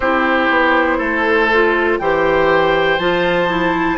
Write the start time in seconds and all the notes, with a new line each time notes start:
0.00 C4 E4 G4 C5
0.49 B3
0.97 A3 A4
1.53 F4
1.99 E3 G4 C5 G5
2.98 F3 F4 A5
3.48 E4